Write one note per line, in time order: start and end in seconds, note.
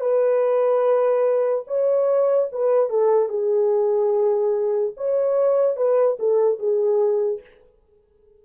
0.00 1.64 B4
1.67 2.49 C#5
2.52 2.89 B4
2.89 3.28 A4
3.28 4.93 G#4
4.97 5.76 C#5
5.76 6.17 B4
6.19 6.59 A4
6.59 7.41 G#4